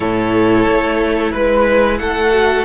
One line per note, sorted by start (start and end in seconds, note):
0.00 0.66 A2
0.00 2.31 E4
0.00 1.31 A4
0.00 1.32 C#5
0.67 1.34 A3
1.31 2.00 G#3
1.31 1.98 B4
1.98 2.65 A3
1.98 2.65 A4
1.98 2.65 F#5
2.31 2.64 F#4